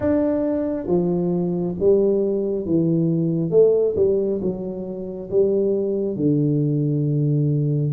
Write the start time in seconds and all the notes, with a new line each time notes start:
0.00 D4
0.87 F3
1.79 G3
2.65 E3
3.50 A3
3.96 G3
4.41 F#3
5.30 G3
6.15 D3